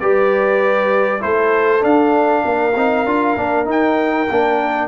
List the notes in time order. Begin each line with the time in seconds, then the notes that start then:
0.00 G3 G4 B4 D5
1.20 A3 E4 A4 C5
1.80 D4 F5
2.44 A#3 A#4
2.76 C4 D#4
3.05 D4 F4
3.36 A#3 D4
3.65 D#4 G5
4.30 A#3 D4